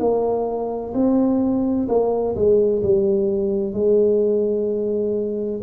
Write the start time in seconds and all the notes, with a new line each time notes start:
0.00 A#3
0.94 C4
1.89 A#3
2.36 G#3
2.83 G3
3.74 G#3